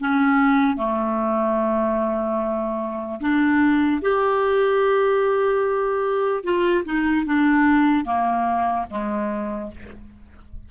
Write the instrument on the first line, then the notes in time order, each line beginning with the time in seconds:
clarinet
0.00 C#4
0.76 A3
3.21 D4
4.02 G4
6.44 F4
6.85 D#4
7.26 D4
8.05 A#3
8.90 G#3